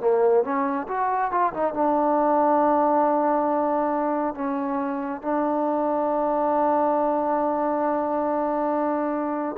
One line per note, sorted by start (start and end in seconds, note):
0.00 0.43 A#3
0.43 0.87 C#4
0.87 1.31 F#4
1.31 1.53 F4
1.53 1.74 D#4
1.74 4.34 D4
4.34 5.21 C#4
5.21 9.56 D4